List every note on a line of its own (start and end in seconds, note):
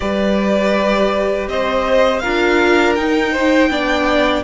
0.00 1.47 G3
0.00 2.21 G4
0.00 1.49 B4
0.00 1.48 D5
1.47 2.21 C4
1.47 2.22 C5
1.47 2.19 D#5
2.19 2.97 F4
2.19 3.32 A#4
2.19 2.93 F5
2.25 2.98 D4
2.95 3.70 D#4
2.95 3.69 D#4
2.95 4.43 G5
3.32 3.69 C5
3.69 4.43 B3
3.69 4.43 D4
3.69 4.43 D5